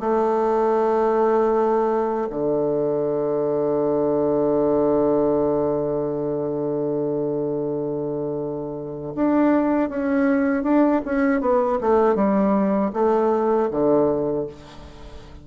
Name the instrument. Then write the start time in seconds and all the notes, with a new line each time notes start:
bassoon
0.00 A3
2.30 D3
9.15 D4
9.89 C#4
10.63 D4
11.05 C#4
11.41 B3
11.81 A3
12.15 G3
12.93 A3
13.71 D3